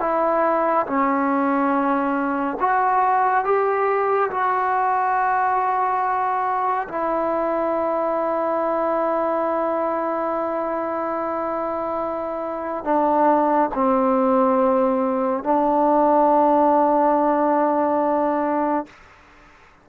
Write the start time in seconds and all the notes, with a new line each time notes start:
0.00 E4
0.86 C#4
2.60 F#4
3.44 G4
4.31 F#4
6.88 E4
12.84 D4
13.74 C4
15.44 D4